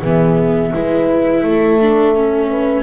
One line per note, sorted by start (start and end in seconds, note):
0.00 0.72 E3
0.00 0.74 B3
0.00 0.71 G#4
0.00 2.83 E5
0.74 1.44 G#3
0.74 1.80 E4
0.74 1.44 B4
1.44 2.83 A3
1.44 2.49 A4
1.81 2.15 D4
2.15 2.83 C#4
2.50 2.83 B4